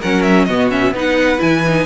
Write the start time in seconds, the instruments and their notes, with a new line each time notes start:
0.00 cello F#3, viola C#4, violin A#4 F#5
0.23 violin E5
0.45 cello B2, viola B3, violin F#4 D#5
0.70 viola C#4, violin E5
0.92 cello B3, viola D#4, violin B4
1.00 violin F#5
1.39 cello E3, viola E4, violin G#5
1.67 viola D#4